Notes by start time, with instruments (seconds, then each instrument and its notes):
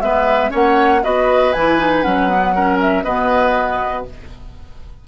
0.00 bassoon G#3, clarinet B3, oboe B4, flute E5
0.50 bassoon A#3, clarinet C#4, oboe C#5, flute F#5
1.04 bassoon B3, clarinet F#4, oboe B4, flute D#5
1.53 bassoon E3, clarinet E4, flute G#5
1.79 clarinet D#4
2.03 bassoon F#3, clarinet C#4, flute F#5
2.29 clarinet B3
2.55 clarinet C#4, oboe A#4
2.81 flute E5
3.04 bassoon B2, clarinet B3, oboe B4, flute D#5